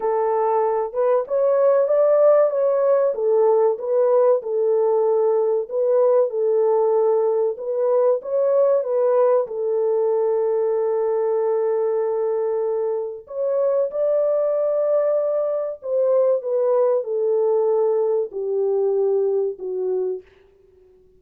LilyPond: \new Staff \with { instrumentName = "horn" } { \time 4/4 \tempo 4 = 95 a'4. b'8 cis''4 d''4 | cis''4 a'4 b'4 a'4~ | a'4 b'4 a'2 | b'4 cis''4 b'4 a'4~ |
a'1~ | a'4 cis''4 d''2~ | d''4 c''4 b'4 a'4~ | a'4 g'2 fis'4 | }